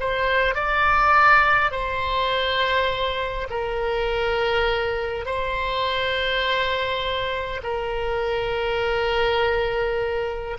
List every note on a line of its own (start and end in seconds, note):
0.00 0.55 C5
0.55 1.71 D5
1.71 3.48 C5
3.50 5.26 A#4
5.26 7.61 C5
7.63 10.57 A#4